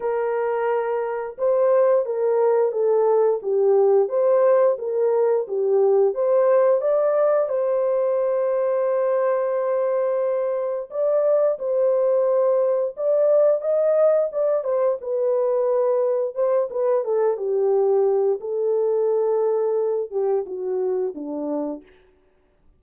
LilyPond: \new Staff \with { instrumentName = "horn" } { \time 4/4 \tempo 4 = 88 ais'2 c''4 ais'4 | a'4 g'4 c''4 ais'4 | g'4 c''4 d''4 c''4~ | c''1 |
d''4 c''2 d''4 | dis''4 d''8 c''8 b'2 | c''8 b'8 a'8 g'4. a'4~ | a'4. g'8 fis'4 d'4 | }